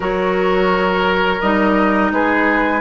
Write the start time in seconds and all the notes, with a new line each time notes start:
0.00 F#3 F#4 A#4 C#5
1.40 G3 D#4 D#5
2.11 G#3 G#4 B4